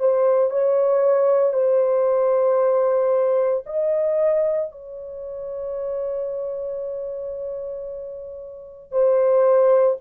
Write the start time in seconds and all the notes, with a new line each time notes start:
0.00 C5
0.51 C#5
1.54 C5
3.67 D#5
4.72 C#5
8.92 C5